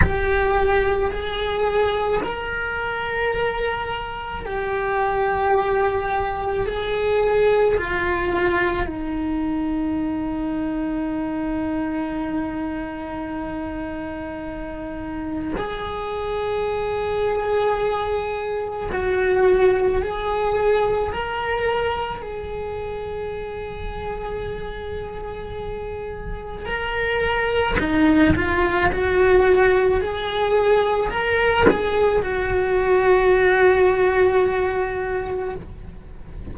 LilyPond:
\new Staff \with { instrumentName = "cello" } { \time 4/4 \tempo 4 = 54 g'4 gis'4 ais'2 | g'2 gis'4 f'4 | dis'1~ | dis'2 gis'2~ |
gis'4 fis'4 gis'4 ais'4 | gis'1 | ais'4 dis'8 f'8 fis'4 gis'4 | ais'8 gis'8 fis'2. | }